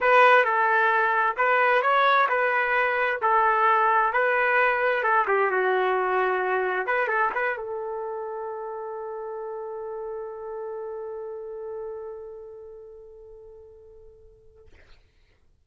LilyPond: \new Staff \with { instrumentName = "trumpet" } { \time 4/4 \tempo 4 = 131 b'4 a'2 b'4 | cis''4 b'2 a'4~ | a'4 b'2 a'8 g'8 | fis'2. b'8 a'8 |
b'8 a'2.~ a'8~ | a'1~ | a'1~ | a'1 | }